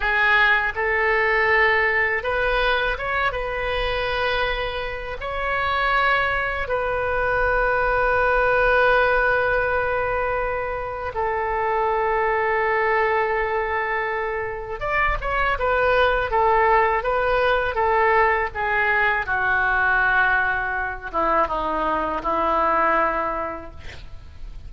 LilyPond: \new Staff \with { instrumentName = "oboe" } { \time 4/4 \tempo 4 = 81 gis'4 a'2 b'4 | cis''8 b'2~ b'8 cis''4~ | cis''4 b'2.~ | b'2. a'4~ |
a'1 | d''8 cis''8 b'4 a'4 b'4 | a'4 gis'4 fis'2~ | fis'8 e'8 dis'4 e'2 | }